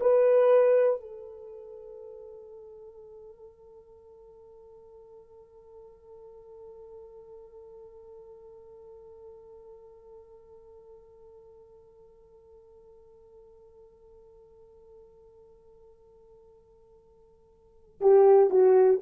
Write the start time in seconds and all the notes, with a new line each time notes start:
0.00 B4
1.00 A4
18.00 G4
18.50 F#4